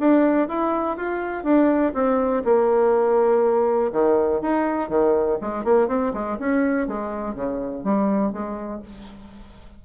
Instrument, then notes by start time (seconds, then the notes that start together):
bassoon
0.00 D4
0.48 E4
0.97 F4
1.44 D4
1.94 C4
2.45 A#3
3.92 D#3
4.42 D#4
4.89 D#3
5.41 G#3
5.64 A#3
5.88 C4
6.14 G#3
6.39 C#4
6.88 G#3
7.35 C#3
7.84 G3
8.33 G#3